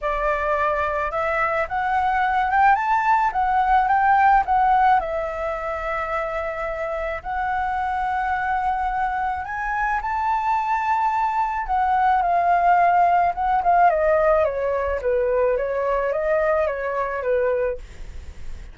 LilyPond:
\new Staff \with { instrumentName = "flute" } { \time 4/4 \tempo 4 = 108 d''2 e''4 fis''4~ | fis''8 g''8 a''4 fis''4 g''4 | fis''4 e''2.~ | e''4 fis''2.~ |
fis''4 gis''4 a''2~ | a''4 fis''4 f''2 | fis''8 f''8 dis''4 cis''4 b'4 | cis''4 dis''4 cis''4 b'4 | }